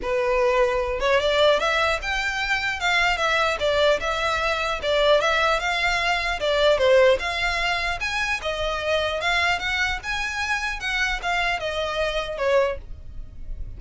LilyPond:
\new Staff \with { instrumentName = "violin" } { \time 4/4 \tempo 4 = 150 b'2~ b'8 cis''8 d''4 | e''4 g''2 f''4 | e''4 d''4 e''2 | d''4 e''4 f''2 |
d''4 c''4 f''2 | gis''4 dis''2 f''4 | fis''4 gis''2 fis''4 | f''4 dis''2 cis''4 | }